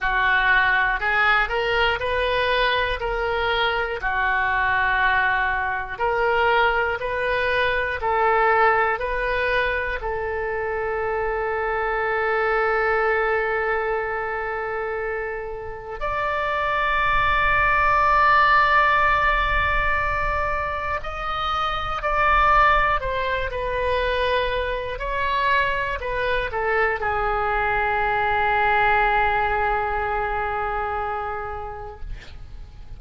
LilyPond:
\new Staff \with { instrumentName = "oboe" } { \time 4/4 \tempo 4 = 60 fis'4 gis'8 ais'8 b'4 ais'4 | fis'2 ais'4 b'4 | a'4 b'4 a'2~ | a'1 |
d''1~ | d''4 dis''4 d''4 c''8 b'8~ | b'4 cis''4 b'8 a'8 gis'4~ | gis'1 | }